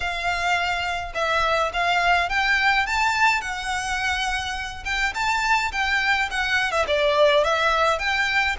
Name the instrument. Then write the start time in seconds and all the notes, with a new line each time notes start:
violin
0.00 F5
1.14 E5
1.73 F5
2.29 G5
2.86 A5
3.41 F#5
4.84 G5
5.14 A5
5.72 G5
6.31 F#5
6.71 E5
6.87 D5
7.43 E5
7.98 G5